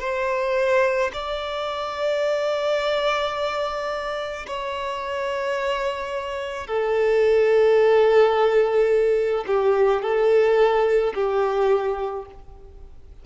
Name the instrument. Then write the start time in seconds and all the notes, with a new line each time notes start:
violin
0.00 C5
1.13 D5
4.47 C#5
6.67 A4
9.47 G4
10.03 A4
11.15 G4